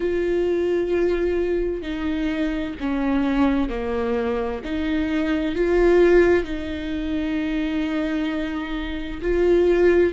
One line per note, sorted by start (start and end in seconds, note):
0.00 1.82 F4
1.82 2.74 D#4
2.79 3.69 C#4
3.69 4.61 A#3
4.64 5.55 D#4
5.55 6.44 F4
6.44 9.21 D#4
9.21 10.13 F4